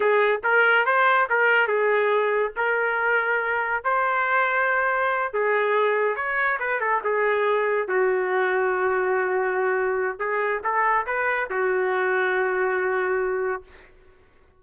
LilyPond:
\new Staff \with { instrumentName = "trumpet" } { \time 4/4 \tempo 4 = 141 gis'4 ais'4 c''4 ais'4 | gis'2 ais'2~ | ais'4 c''2.~ | c''8 gis'2 cis''4 b'8 |
a'8 gis'2 fis'4.~ | fis'1 | gis'4 a'4 b'4 fis'4~ | fis'1 | }